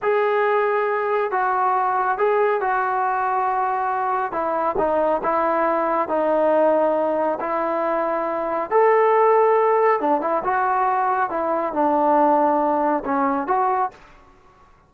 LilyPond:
\new Staff \with { instrumentName = "trombone" } { \time 4/4 \tempo 4 = 138 gis'2. fis'4~ | fis'4 gis'4 fis'2~ | fis'2 e'4 dis'4 | e'2 dis'2~ |
dis'4 e'2. | a'2. d'8 e'8 | fis'2 e'4 d'4~ | d'2 cis'4 fis'4 | }